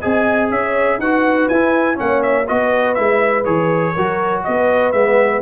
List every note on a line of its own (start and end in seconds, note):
0.00 0.51 C4
0.00 1.00 G#4
0.00 0.49 D#5
0.00 0.49 G#5
0.50 0.98 C#4
0.50 0.99 C#5
0.50 1.00 E5
0.98 1.47 D#4
0.98 1.52 F#4
0.98 1.98 B4
0.98 1.48 F#5
1.48 1.99 E4
1.48 1.95 E4
1.48 1.97 G#5
1.95 2.49 A#3
1.95 2.44 C#4
1.95 2.48 C#5
1.95 2.22 F#5
2.22 2.47 E5
2.47 2.98 B3
2.47 2.96 F#4
2.47 3.93 B4
2.47 2.94 D#5
2.94 3.46 G#3
2.94 3.45 E4
2.94 3.44 E5
3.44 3.95 E3
3.44 3.94 G#4
3.44 4.43 C#5
3.93 4.46 F#3
3.93 4.93 F#4
3.93 4.42 A#4
4.44 4.93 B3
4.44 5.42 B4
4.44 4.92 D#5
4.92 5.42 G#3
4.92 5.42 B3
4.92 5.41 E5